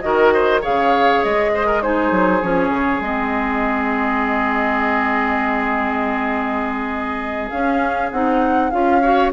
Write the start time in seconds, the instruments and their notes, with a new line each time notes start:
0.00 bassoon D#3, clarinet F#4, oboe A#4, flute D#5
0.34 oboe C5
0.61 bassoon C#3, clarinet G#4, oboe C#5, flute F5
1.24 bassoon G#3, flute D#5
1.54 oboe C5
1.67 oboe A#4
1.82 clarinet D#4, oboe G#4, flute C5
2.11 bassoon F#3
2.42 bassoon F3, clarinet C#4, flute C#5
2.69 bassoon C#3
3.01 bassoon G#3, clarinet C4, flute D#5
7.50 bassoon C#4, clarinet C#4, flute F5
8.11 bassoon C4, clarinet D#4, flute F#5
8.71 bassoon C#4, clarinet F4, flute F5
9.02 clarinet F#4, oboe C#5